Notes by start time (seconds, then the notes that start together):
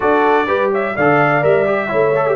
0.00 D4 F#4 A4 D5
0.47 G3 G4 B4
0.71 C#5 E5
0.95 D3 A4 D5 F5
1.42 G3 A#4 E5
1.66 G4
1.88 A3 E4 C#5
2.15 A4
2.26 G4